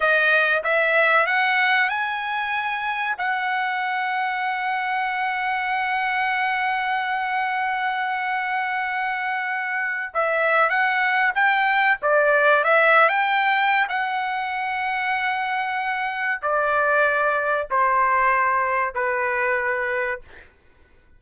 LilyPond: \new Staff \with { instrumentName = "trumpet" } { \time 4/4 \tempo 4 = 95 dis''4 e''4 fis''4 gis''4~ | gis''4 fis''2.~ | fis''1~ | fis''1 |
e''4 fis''4 g''4 d''4 | e''8. g''4~ g''16 fis''2~ | fis''2 d''2 | c''2 b'2 | }